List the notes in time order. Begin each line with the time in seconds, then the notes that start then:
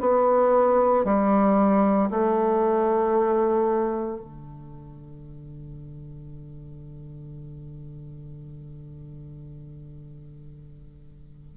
0.00 B3
1.04 G3
2.10 A3
4.20 D3